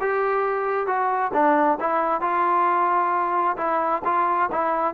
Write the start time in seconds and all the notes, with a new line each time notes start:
0.00 G4
0.86 F#4
1.33 D4
1.80 E4
2.21 F4
3.57 E4
4.05 F4
4.52 E4